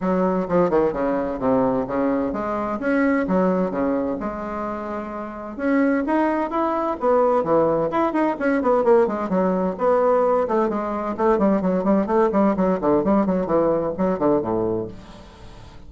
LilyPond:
\new Staff \with { instrumentName = "bassoon" } { \time 4/4 \tempo 4 = 129 fis4 f8 dis8 cis4 c4 | cis4 gis4 cis'4 fis4 | cis4 gis2. | cis'4 dis'4 e'4 b4 |
e4 e'8 dis'8 cis'8 b8 ais8 gis8 | fis4 b4. a8 gis4 | a8 g8 fis8 g8 a8 g8 fis8 d8 | g8 fis8 e4 fis8 d8 a,4 | }